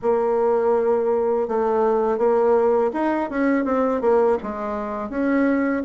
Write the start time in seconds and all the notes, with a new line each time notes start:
0.02 A#3
1.48 A3
2.18 A#3
2.93 D#4
3.30 C#4
3.64 C4
4.01 A#3
4.42 G#3
5.09 C#4